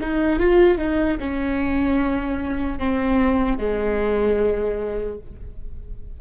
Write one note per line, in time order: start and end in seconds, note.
0.00 0.39 D#4
0.39 0.77 F4
0.77 1.17 D#4
1.20 2.79 C#4
2.79 3.57 C4
3.57 5.17 G#3